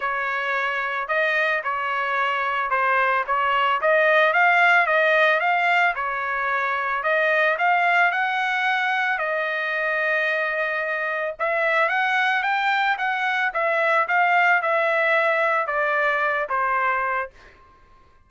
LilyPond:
\new Staff \with { instrumentName = "trumpet" } { \time 4/4 \tempo 4 = 111 cis''2 dis''4 cis''4~ | cis''4 c''4 cis''4 dis''4 | f''4 dis''4 f''4 cis''4~ | cis''4 dis''4 f''4 fis''4~ |
fis''4 dis''2.~ | dis''4 e''4 fis''4 g''4 | fis''4 e''4 f''4 e''4~ | e''4 d''4. c''4. | }